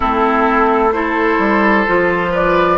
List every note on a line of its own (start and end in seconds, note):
0.00 1.38 A3
0.00 0.90 C4
0.00 0.94 E4
0.00 0.92 A4
0.92 1.87 E4
0.92 2.31 A4
0.92 2.33 C5
1.38 1.85 G3
1.87 2.78 F3
1.87 2.78 F4
2.31 2.78 B4
2.31 2.78 D5